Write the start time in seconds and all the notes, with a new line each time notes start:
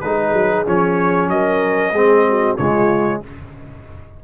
0.00 G#3 D#4 G#4 B4
0.33 F#3
0.66 F3 C#4 C#5
1.28 F#3 A#4 D#5
1.92 G#3 C4 G#4
2.29 F#4
2.57 C#3 G#3 F4 C#5